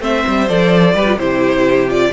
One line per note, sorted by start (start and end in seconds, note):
0.00 0.24 A3
0.00 0.47 C4
0.00 0.94 C5
0.00 0.49 E5
0.28 0.50 G3
0.49 0.95 F3
0.49 0.96 A4
0.49 1.19 D5
0.94 1.18 G3
0.94 1.06 G4
0.94 1.18 B4
1.06 1.17 F4
1.18 2.12 C3
1.18 1.89 E4
1.18 2.13 G4
1.18 1.89 C5
1.89 2.13 F4
1.89 2.13 D5